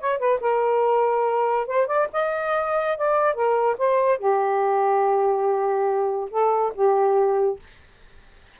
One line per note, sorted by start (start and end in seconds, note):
0.00 0.19 C#5
0.19 0.40 B4
0.41 1.67 A#4
1.67 1.87 C5
1.87 2.08 D5
2.13 2.98 D#5
2.98 3.34 D5
3.34 3.76 A#4
3.78 4.19 C5
4.19 6.30 G4
6.31 6.73 A4
6.75 7.59 G4